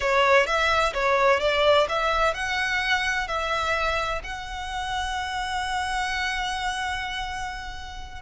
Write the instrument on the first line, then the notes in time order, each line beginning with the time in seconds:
violin
0.00 C#5
0.46 E5
0.93 C#5
1.40 D5
1.88 E5
2.34 F#5
3.27 E5
4.23 F#5